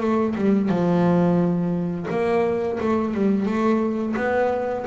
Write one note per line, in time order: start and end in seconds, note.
0.00 0.34 A3
0.35 0.69 G3
0.69 2.07 F3
2.10 2.79 A#3
2.80 3.14 A3
3.14 3.46 G3
3.46 4.15 A3
4.16 4.85 B3